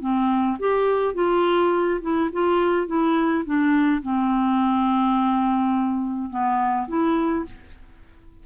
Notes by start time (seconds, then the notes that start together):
0.00 C4
0.58 G4
1.14 F4
2.01 E4
2.32 F4
2.87 E4
3.44 D4
4.02 C4
6.30 B3
6.88 E4